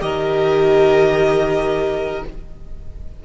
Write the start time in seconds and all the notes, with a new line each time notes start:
0.00 D#3 G4 A#4 D#5